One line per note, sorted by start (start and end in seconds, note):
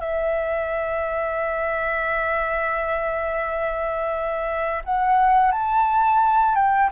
0.00 4.83 E5
4.85 5.52 F#5
5.52 6.55 A5
6.55 6.90 G5